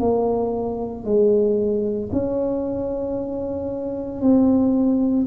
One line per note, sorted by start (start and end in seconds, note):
0.00 1.05 A#3
1.05 2.10 G#3
2.12 4.22 C#4
4.22 5.27 C4